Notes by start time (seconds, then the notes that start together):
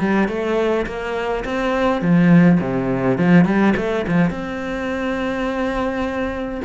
0.00 G3
0.29 A3
0.87 A#3
1.45 C4
2.02 F3
2.61 C3
3.18 F3
3.46 G3
3.77 A3
4.08 F3
4.31 C4